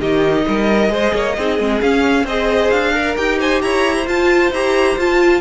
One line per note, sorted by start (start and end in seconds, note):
0.00 0.45 D#3
0.00 0.89 D#4
0.00 0.46 G4
0.00 1.81 D#5
0.48 0.90 G3
0.48 0.92 A#4
0.89 1.12 G#3
0.89 1.34 G#4
0.89 1.14 C5
1.14 1.37 A#3
1.14 1.36 C#5
1.37 1.59 C4
1.37 1.59 D#4
1.37 2.25 G#4
1.59 1.82 G#3
1.59 1.81 C4
1.81 2.23 C#4
1.81 2.28 C#4
1.81 2.26 F5
2.23 2.69 C4
2.23 2.94 G#4
2.23 2.93 C5
2.23 2.70 D#5
2.70 3.17 D4
2.70 3.16 F5
2.94 3.16 A#4
2.94 3.40 A#4
3.16 3.62 D#4
3.16 4.06 G4
3.16 3.39 G5
3.40 3.62 C5
3.40 3.62 G#5
3.62 4.07 E4
3.62 3.96 C#5
3.62 4.07 A#5
3.96 5.41 C5
4.07 4.51 F4
4.07 4.53 F4
4.07 4.53 A5
4.51 4.96 E4
4.51 4.99 G4
4.51 4.99 A#5
4.97 5.41 F4
4.97 5.41 A5